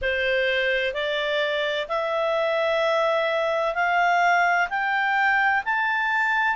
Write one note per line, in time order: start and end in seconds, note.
0.01 0.93 C5
0.93 1.87 D5
1.88 3.74 E5
3.74 4.68 F5
4.69 5.63 G5
5.64 6.55 A5